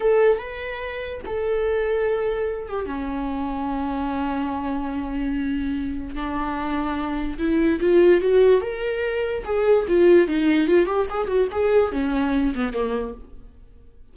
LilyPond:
\new Staff \with { instrumentName = "viola" } { \time 4/4 \tempo 4 = 146 a'4 b'2 a'4~ | a'2~ a'8 g'8 cis'4~ | cis'1~ | cis'2. d'4~ |
d'2 e'4 f'4 | fis'4 ais'2 gis'4 | f'4 dis'4 f'8 g'8 gis'8 fis'8 | gis'4 cis'4. b8 ais4 | }